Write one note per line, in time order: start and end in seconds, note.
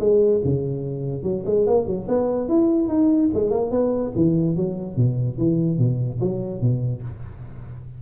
0.00 0.41 G#3
0.44 1.23 C#3
1.23 1.44 F#3
1.46 1.67 G#3
1.67 1.87 A#3
1.87 2.07 F#3
2.08 2.49 B3
2.49 2.88 E4
2.88 3.30 D#4
3.34 3.50 G#3
3.50 3.71 A#3
3.71 4.12 B3
4.16 4.56 E3
4.56 4.97 F#3
4.97 5.38 B2
5.38 5.78 E3
5.78 6.20 B2
6.21 6.61 F#3
6.61 7.02 B2